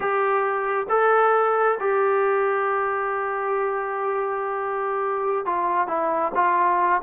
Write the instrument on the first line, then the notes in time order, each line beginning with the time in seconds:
trombone
0.00 G4
0.89 A4
1.79 G4
5.45 F4
5.87 E4
6.34 F4